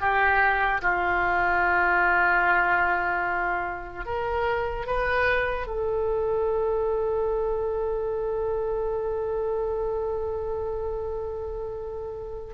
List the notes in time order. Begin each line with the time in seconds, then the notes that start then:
0.00 G4
0.81 F4
4.05 A#4
4.86 B4
5.66 A4